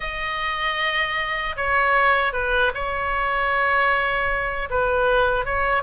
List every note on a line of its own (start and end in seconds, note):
0.00 1.55 D#5
1.56 2.32 C#5
2.32 2.71 B4
2.74 4.69 C#5
4.70 5.45 B4
5.45 5.82 C#5